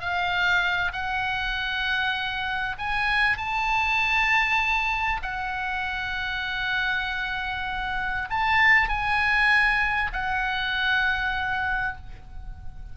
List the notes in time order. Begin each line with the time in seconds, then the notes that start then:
0.00 F5
0.92 F#5
2.78 G#5
3.37 A5
5.22 F#5
8.30 A5
8.89 G#5
10.13 F#5